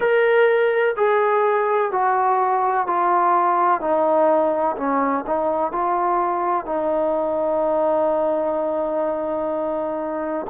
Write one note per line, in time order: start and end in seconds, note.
0.00 0.95 A#4
0.96 1.91 G#4
1.91 2.86 F#4
2.87 3.81 F4
3.81 4.76 D#4
4.77 5.24 C#4
5.26 5.71 D#4
5.71 6.65 F4
6.65 10.46 D#4